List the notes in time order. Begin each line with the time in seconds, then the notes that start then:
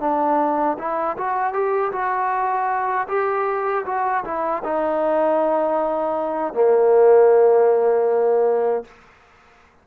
0.00 D4
0.78 E4
1.17 F#4
1.53 G4
1.92 F#4
3.08 G4
3.85 F#4
4.24 E4
4.64 D#4
6.53 A#3